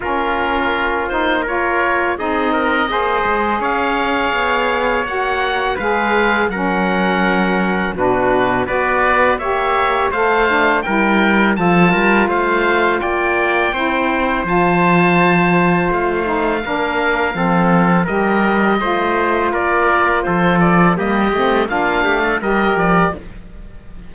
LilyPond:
<<
  \new Staff \with { instrumentName = "oboe" } { \time 4/4 \tempo 4 = 83 ais'4. c''8 cis''4 dis''4~ | dis''4 f''2 fis''4 | f''4 fis''2 b'4 | d''4 e''4 f''4 g''4 |
a''4 f''4 g''2 | a''2 f''2~ | f''4 dis''2 d''4 | c''8 d''8 dis''4 f''4 dis''8 d''8 | }
  \new Staff \with { instrumentName = "trumpet" } { \time 4/4 f'2 ais'4 gis'8 ais'8 | c''4 cis''2. | b'4 ais'2 fis'4 | b'4 cis''4 c''4 ais'4 |
a'8 ais'8 c''4 d''4 c''4~ | c''2. ais'4 | a'4 ais'4 c''4 ais'4 | a'4 g'4 f'8 g'16 a'16 ais'4 | }
  \new Staff \with { instrumentName = "saxophone" } { \time 4/4 cis'4. dis'8 f'4 dis'4 | gis'2. fis'4 | gis'4 cis'2 d'4 | fis'4 g'4 a'8 d'8 e'4 |
f'2. e'4 | f'2~ f'8 dis'8 d'4 | c'4 g'4 f'2~ | f'4 ais8 c'8 d'4 g'4 | }
  \new Staff \with { instrumentName = "cello" } { \time 4/4 ais2. c'4 | ais8 gis8 cis'4 b4 ais4 | gis4 fis2 b,4 | b4 ais4 a4 g4 |
f8 g8 a4 ais4 c'4 | f2 a4 ais4 | f4 g4 a4 ais4 | f4 g8 a8 ais8 a8 g8 f8 | }
>>